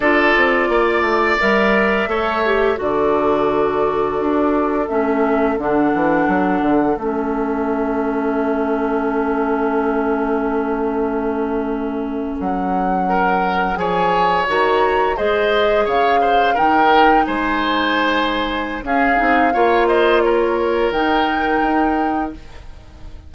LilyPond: <<
  \new Staff \with { instrumentName = "flute" } { \time 4/4 \tempo 4 = 86 d''2 e''2 | d''2. e''4 | fis''2 e''2~ | e''1~ |
e''4.~ e''16 fis''2 gis''16~ | gis''8. ais''4 dis''4 f''4 g''16~ | g''8. gis''2~ gis''16 f''4~ | f''8 dis''8 cis''4 g''2 | }
  \new Staff \with { instrumentName = "oboe" } { \time 4/4 a'4 d''2 cis''4 | a'1~ | a'1~ | a'1~ |
a'2~ a'8. ais'4 cis''16~ | cis''4.~ cis''16 c''4 cis''8 c''8 ais'16~ | ais'8. c''2~ c''16 gis'4 | cis''8 c''8 ais'2. | }
  \new Staff \with { instrumentName = "clarinet" } { \time 4/4 f'2 ais'4 a'8 g'8 | fis'2. cis'4 | d'2 cis'2~ | cis'1~ |
cis'2.~ cis'8. gis'16~ | gis'8. fis'4 gis'2 dis'16~ | dis'2. cis'8 dis'8 | f'2 dis'2 | }
  \new Staff \with { instrumentName = "bassoon" } { \time 4/4 d'8 c'8 ais8 a8 g4 a4 | d2 d'4 a4 | d8 e8 fis8 d8 a2~ | a1~ |
a4.~ a16 fis2 f16~ | f8. dis4 gis4 cis4 dis16~ | dis8. gis2~ gis16 cis'8 c'8 | ais2 dis4 dis'4 | }
>>